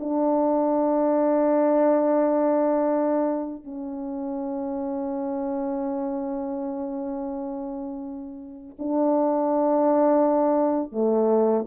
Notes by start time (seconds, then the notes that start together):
0.00 D4
3.65 C#4
8.79 D4
10.92 A3